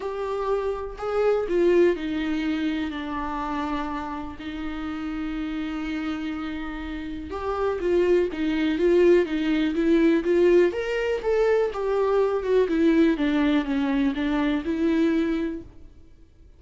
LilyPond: \new Staff \with { instrumentName = "viola" } { \time 4/4 \tempo 4 = 123 g'2 gis'4 f'4 | dis'2 d'2~ | d'4 dis'2.~ | dis'2. g'4 |
f'4 dis'4 f'4 dis'4 | e'4 f'4 ais'4 a'4 | g'4. fis'8 e'4 d'4 | cis'4 d'4 e'2 | }